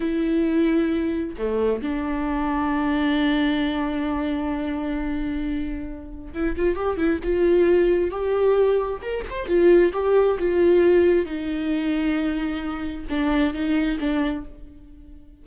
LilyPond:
\new Staff \with { instrumentName = "viola" } { \time 4/4 \tempo 4 = 133 e'2. a4 | d'1~ | d'1~ | d'2 e'8 f'8 g'8 e'8 |
f'2 g'2 | ais'8 c''8 f'4 g'4 f'4~ | f'4 dis'2.~ | dis'4 d'4 dis'4 d'4 | }